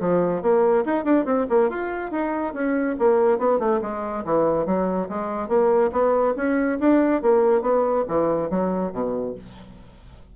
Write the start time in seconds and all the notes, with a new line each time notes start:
0.00 F3
0.42 A#3
0.85 D#4
1.04 D4
1.25 C4
1.49 A#3
1.69 F4
2.11 D#4
2.53 C#4
2.99 A#3
3.38 B3
3.59 A3
3.82 G#3
4.25 E3
4.66 F#3
5.09 G#3
5.48 A#3
5.92 B3
6.36 C#4
6.79 D4
7.22 A#3
7.62 B3
8.08 E3
8.50 F#3
8.92 B2